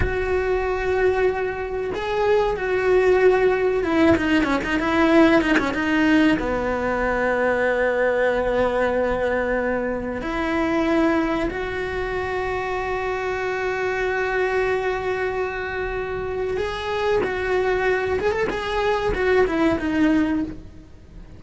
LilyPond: \new Staff \with { instrumentName = "cello" } { \time 4/4 \tempo 4 = 94 fis'2. gis'4 | fis'2 e'8 dis'8 cis'16 dis'16 e'8~ | e'8 dis'16 cis'16 dis'4 b2~ | b1 |
e'2 fis'2~ | fis'1~ | fis'2 gis'4 fis'4~ | fis'8 gis'16 a'16 gis'4 fis'8 e'8 dis'4 | }